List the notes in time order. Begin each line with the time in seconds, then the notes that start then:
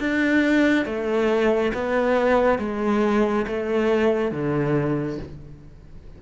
0.00 D4
0.85 A3
1.74 B3
2.59 G#3
3.47 A3
4.32 D3